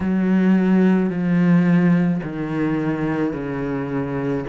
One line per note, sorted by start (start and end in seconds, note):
0.00 1.09 F#3
1.09 2.20 F3
2.23 3.33 D#3
3.33 4.44 C#3